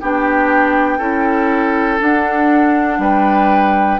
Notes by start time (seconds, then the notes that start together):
0.00 B3 D4 G4 G5
0.98 C#4 E4 A4
1.99 D4 F#5
2.98 G3 B4 G5